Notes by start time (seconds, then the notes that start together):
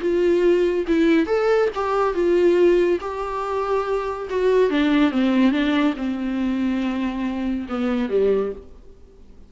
0.00 F4
0.87 E4
1.26 A4
1.74 G4
2.14 F4
3.00 G4
4.29 F#4
4.70 D4
5.11 C4
5.51 D4
5.97 C4
7.68 B3
8.09 G3